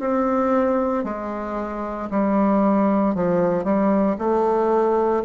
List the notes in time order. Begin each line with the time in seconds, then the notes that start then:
0.00 C4
1.04 G#3
2.11 G3
3.15 F3
3.64 G3
4.19 A3